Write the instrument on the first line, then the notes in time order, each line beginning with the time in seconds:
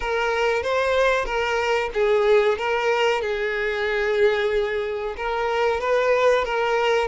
violin
0.00 A#4
0.62 C5
1.25 A#4
1.93 G#4
2.58 A#4
3.21 G#4
5.16 A#4
5.80 B4
6.44 A#4